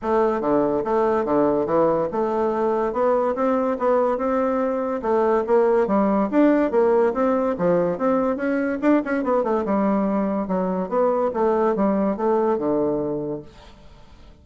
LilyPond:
\new Staff \with { instrumentName = "bassoon" } { \time 4/4 \tempo 4 = 143 a4 d4 a4 d4 | e4 a2 b4 | c'4 b4 c'2 | a4 ais4 g4 d'4 |
ais4 c'4 f4 c'4 | cis'4 d'8 cis'8 b8 a8 g4~ | g4 fis4 b4 a4 | g4 a4 d2 | }